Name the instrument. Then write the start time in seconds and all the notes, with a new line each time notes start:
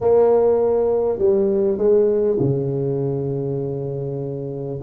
tuba
0.00 A#3
1.18 G3
1.77 G#3
2.39 C#3